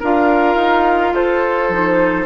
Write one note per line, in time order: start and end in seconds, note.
0.00 0.56 D4
0.00 1.73 F4
0.00 1.13 A#4
0.00 1.15 F5
0.56 1.12 D#4
1.13 1.69 F4
1.13 2.26 A4
1.13 2.26 C5
1.69 2.26 F3
1.69 2.26 D#4